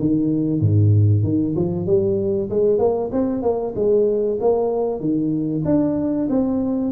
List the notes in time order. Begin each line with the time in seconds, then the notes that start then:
0.00 D#3
0.61 G#2
1.23 D#3
1.56 F3
1.86 G3
2.50 G#3
2.79 A#3
3.12 C4
3.42 A#3
3.76 G#3
4.41 A#3
5.00 D#3
5.65 D4
6.29 C4